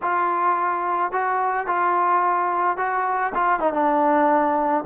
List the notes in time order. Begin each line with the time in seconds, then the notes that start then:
0.02 F4
1.12 F#4
1.67 F4
2.77 F#4
3.34 F4
3.59 D#4
3.73 D4